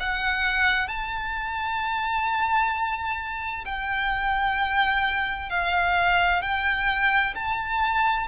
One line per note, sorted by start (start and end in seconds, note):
0.00 0.88 F#5
0.88 3.65 A5
3.65 5.50 G5
5.50 6.42 F5
6.42 7.34 G5
7.35 8.27 A5